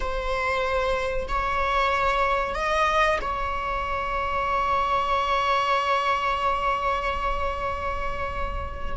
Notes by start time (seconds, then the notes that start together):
0.00 C5
1.28 C#5
2.54 D#5
3.21 C#5